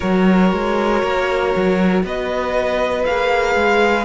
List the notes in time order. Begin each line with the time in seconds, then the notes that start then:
0.00 F#3 F#4 A#4 C#5
0.52 G#3
1.03 A#3
1.55 F#3
2.03 B3 B4 D#5
3.05 A#3 G#4 F5
3.55 G#3